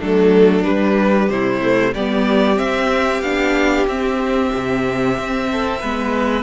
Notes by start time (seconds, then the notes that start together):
0.00 F#3 A3 D4 A4
0.64 G3 B4
1.29 C3 E4 C5
1.62 A3
1.94 G3 B3 G4 D5
2.56 C4 E5
3.21 B3 D4 F5
3.87 C4 E5
4.55 C3
5.18 C4
5.52 A4
5.81 G#3 B3 B4